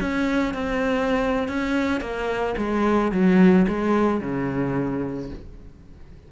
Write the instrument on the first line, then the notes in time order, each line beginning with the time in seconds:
cello
0.00 C#4
0.54 C4
1.48 C#4
2.00 A#3
2.57 G#3
3.11 F#3
3.67 G#3
4.20 C#3